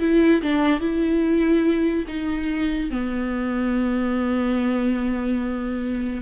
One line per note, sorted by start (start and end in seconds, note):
0.00 0.42 E4
0.42 0.80 D4
0.80 2.05 E4
2.08 2.90 D#4
2.90 6.22 B3